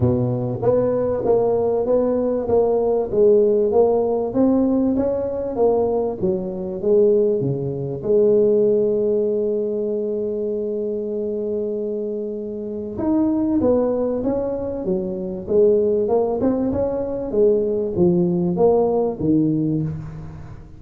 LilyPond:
\new Staff \with { instrumentName = "tuba" } { \time 4/4 \tempo 4 = 97 b,4 b4 ais4 b4 | ais4 gis4 ais4 c'4 | cis'4 ais4 fis4 gis4 | cis4 gis2.~ |
gis1~ | gis4 dis'4 b4 cis'4 | fis4 gis4 ais8 c'8 cis'4 | gis4 f4 ais4 dis4 | }